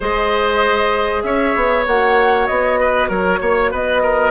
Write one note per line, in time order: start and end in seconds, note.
0.00 1.23 G#3
0.00 1.85 G#4
0.00 1.22 C5
0.00 1.22 D#5
1.22 1.54 C#4
1.22 2.80 C#5
1.22 1.84 E5
1.55 1.86 B3
1.85 2.48 A#3
1.85 4.30 F#4
1.85 2.46 F#5
2.46 3.09 B3
2.46 3.08 D#5
2.80 3.08 B4
3.08 3.40 F#3
3.08 3.39 A#4
3.08 3.72 C#5
3.41 3.72 A#3
3.41 3.71 C#5
3.71 4.30 B3
3.71 4.02 B4
3.71 4.30 D#5
4.02 4.30 A#4